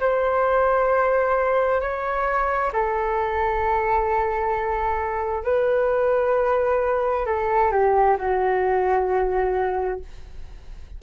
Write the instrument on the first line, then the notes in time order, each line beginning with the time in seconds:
flute
0.00 C5
1.81 C#5
2.73 A4
5.44 B4
7.26 A4
7.71 G4
8.18 F#4